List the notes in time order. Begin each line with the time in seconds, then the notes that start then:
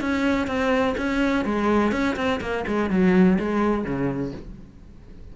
0.00 C#4
0.46 C4
0.97 C#4
1.45 G#3
1.91 C#4
2.16 C4
2.41 A#3
2.67 G#3
2.90 F#3
3.39 G#3
3.84 C#3